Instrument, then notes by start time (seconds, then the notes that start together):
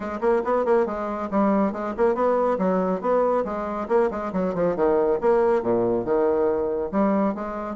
bassoon
0.00 G#3
0.21 A#3
0.44 B3
0.65 A#3
0.86 G#3
1.30 G3
1.72 G#3
1.97 A#3
2.14 B3
2.58 F#3
3.01 B3
3.44 G#3
3.88 A#3
4.10 G#3
4.32 F#3
4.54 F3
4.76 D#3
5.21 A#3
5.62 A#2
6.05 D#3
6.91 G3
7.34 G#3